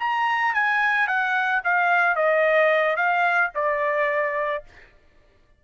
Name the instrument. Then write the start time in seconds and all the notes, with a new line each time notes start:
trumpet
0.00 A#5
0.54 G#5
1.07 F#5
1.64 F5
2.16 D#5
2.97 F5
3.55 D5